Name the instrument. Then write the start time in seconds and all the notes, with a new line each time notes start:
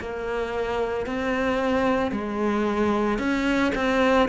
cello
0.00 A#3
1.07 C4
2.11 G#3
3.19 C#4
3.75 C4